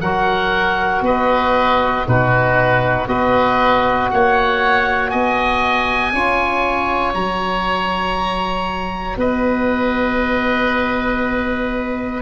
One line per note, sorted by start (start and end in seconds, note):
0.00 1.01 F#3
0.00 2.07 F#4
0.00 1.03 A#4
0.00 1.02 F#5
1.01 2.03 B3
1.01 2.06 B4
1.01 2.08 D#5
2.07 3.07 B2
2.07 3.08 D#4
2.07 3.08 F#4
2.07 3.08 B4
3.07 4.08 B3
3.07 6.13 F#4
3.07 4.10 B4
3.07 4.09 D#5
4.10 5.12 A#3
4.10 5.11 C#5
4.10 5.10 F#5
5.10 6.13 B3
5.10 6.12 D#5
5.10 7.13 G#5
6.13 7.14 C#4
6.13 7.14 F4
6.13 9.18 C#5
7.14 9.16 F#3
7.14 12.22 F#4
7.14 9.17 A#5
9.16 12.21 B3
9.16 12.22 B4
9.16 12.22 D#5